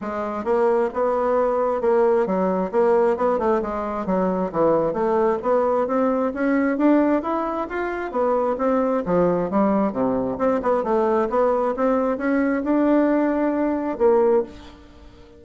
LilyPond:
\new Staff \with { instrumentName = "bassoon" } { \time 4/4 \tempo 4 = 133 gis4 ais4 b2 | ais4 fis4 ais4 b8 a8 | gis4 fis4 e4 a4 | b4 c'4 cis'4 d'4 |
e'4 f'4 b4 c'4 | f4 g4 c4 c'8 b8 | a4 b4 c'4 cis'4 | d'2. ais4 | }